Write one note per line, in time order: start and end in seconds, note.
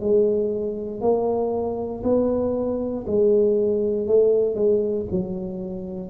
0.00 1.01 G#3
1.01 2.03 A#3
2.03 3.05 B3
3.07 4.07 G#3
4.07 4.55 A3
4.55 5.06 G#3
5.11 6.10 F#3